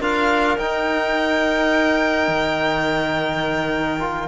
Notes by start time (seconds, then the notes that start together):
0.00 D4 F4 A#4 F5
0.58 D#4 G5
2.28 D#3
3.99 F4